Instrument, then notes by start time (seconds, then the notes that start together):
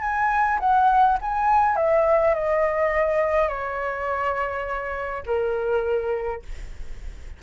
flute
0.00 G#5
0.59 F#5
1.21 G#5
1.76 E5
2.34 D#5
3.48 C#5
5.26 A#4